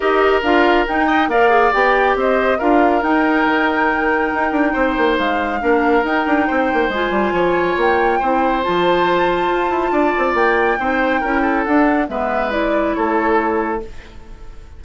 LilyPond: <<
  \new Staff \with { instrumentName = "flute" } { \time 4/4 \tempo 4 = 139 dis''4 f''4 g''4 f''4 | g''4 dis''4 f''4 g''4~ | g''1 | f''2 g''2 |
gis''2 g''2 | a''1 | g''2. fis''4 | e''4 d''4 cis''2 | }
  \new Staff \with { instrumentName = "oboe" } { \time 4/4 ais'2~ ais'8 dis''8 d''4~ | d''4 c''4 ais'2~ | ais'2. c''4~ | c''4 ais'2 c''4~ |
c''4 cis''2 c''4~ | c''2. d''4~ | d''4 c''4 ais'8 a'4. | b'2 a'2 | }
  \new Staff \with { instrumentName = "clarinet" } { \time 4/4 g'4 f'4 dis'4 ais'8 gis'8 | g'2 f'4 dis'4~ | dis'1~ | dis'4 d'4 dis'2 |
f'2. e'4 | f'1~ | f'4 dis'4 e'4 d'4 | b4 e'2. | }
  \new Staff \with { instrumentName = "bassoon" } { \time 4/4 dis'4 d'4 dis'4 ais4 | b4 c'4 d'4 dis'4 | dis2 dis'8 d'8 c'8 ais8 | gis4 ais4 dis'8 d'8 c'8 ais8 |
gis8 g8 f4 ais4 c'4 | f2 f'8 e'8 d'8 c'8 | ais4 c'4 cis'4 d'4 | gis2 a2 | }
>>